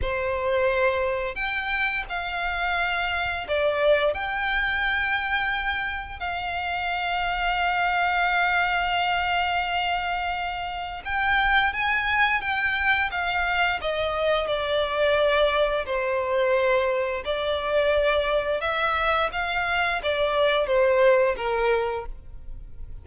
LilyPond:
\new Staff \with { instrumentName = "violin" } { \time 4/4 \tempo 4 = 87 c''2 g''4 f''4~ | f''4 d''4 g''2~ | g''4 f''2.~ | f''1 |
g''4 gis''4 g''4 f''4 | dis''4 d''2 c''4~ | c''4 d''2 e''4 | f''4 d''4 c''4 ais'4 | }